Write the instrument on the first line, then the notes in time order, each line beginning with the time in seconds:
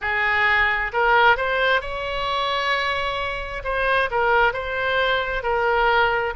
oboe
0.01 G#4
0.93 A#4
1.36 C5
1.81 C#5
3.64 C5
4.10 A#4
4.52 C5
5.43 A#4